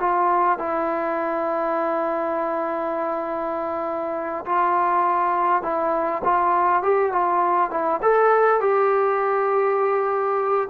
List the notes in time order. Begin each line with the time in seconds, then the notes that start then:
0.00 F4
0.59 E4
4.46 F4
5.63 E4
6.24 F4
6.83 G4
7.12 F4
7.71 E4
8.03 A4
8.61 G4